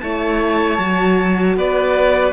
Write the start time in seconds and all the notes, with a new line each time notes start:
0.00 A3 E4 C#5 A5
0.78 F#3 F#4
1.56 B3 B4 D5